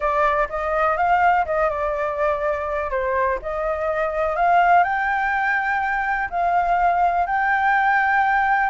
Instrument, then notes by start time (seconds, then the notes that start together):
flute
0.00 D5
0.49 D#5
0.96 F5
1.45 D#5
1.69 D5
2.90 C5
3.42 D#5
4.35 F5
4.83 G5
6.29 F5
7.26 G5